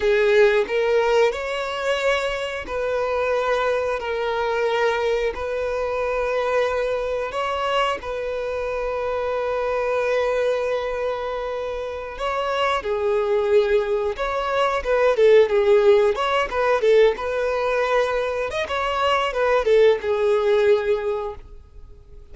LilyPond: \new Staff \with { instrumentName = "violin" } { \time 4/4 \tempo 4 = 90 gis'4 ais'4 cis''2 | b'2 ais'2 | b'2. cis''4 | b'1~ |
b'2~ b'16 cis''4 gis'8.~ | gis'4~ gis'16 cis''4 b'8 a'8 gis'8.~ | gis'16 cis''8 b'8 a'8 b'2 dis''16 | cis''4 b'8 a'8 gis'2 | }